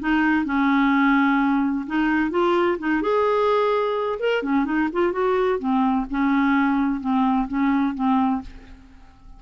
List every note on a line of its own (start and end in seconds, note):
0.00 0.45 D#4
0.45 1.86 C#4
1.87 2.31 D#4
2.31 2.78 F4
2.78 3.02 D#4
3.02 4.19 G#4
4.20 4.43 A#4
4.43 4.65 C#4
4.65 4.89 D#4
4.93 5.12 F4
5.12 5.59 F#4
5.59 6.06 C4
6.10 7.01 C#4
7.01 7.47 C4
7.48 7.95 C#4
7.95 8.41 C4